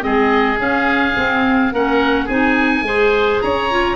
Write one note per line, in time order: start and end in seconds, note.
0.00 0.59 G#3
0.00 0.57 C4
0.00 1.74 G#4
0.00 0.59 D#5
0.57 1.14 C#4
0.57 1.16 C#4
0.57 1.74 F5
1.16 1.72 C4
1.72 2.29 A#3
1.72 2.28 C#4
1.72 2.26 A#4
1.72 2.28 F#5
2.26 2.82 C4
2.26 2.85 D#4
2.26 2.82 G#4
2.26 3.41 G#5
2.82 3.39 G#3
2.82 3.71 G#4
2.82 3.43 C5
3.41 3.96 C#4
3.41 3.96 C#5
3.41 3.96 A#5
3.71 3.96 F4